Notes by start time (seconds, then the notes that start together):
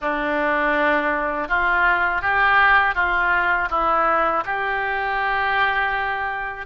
0.01 D4
1.48 F4
2.21 G4
2.95 F4
3.70 E4
4.45 G4